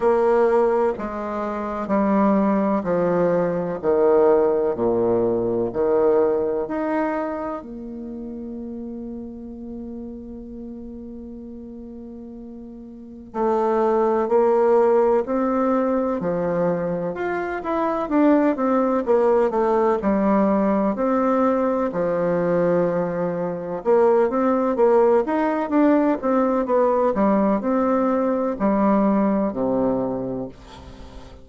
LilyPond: \new Staff \with { instrumentName = "bassoon" } { \time 4/4 \tempo 4 = 63 ais4 gis4 g4 f4 | dis4 ais,4 dis4 dis'4 | ais1~ | ais2 a4 ais4 |
c'4 f4 f'8 e'8 d'8 c'8 | ais8 a8 g4 c'4 f4~ | f4 ais8 c'8 ais8 dis'8 d'8 c'8 | b8 g8 c'4 g4 c4 | }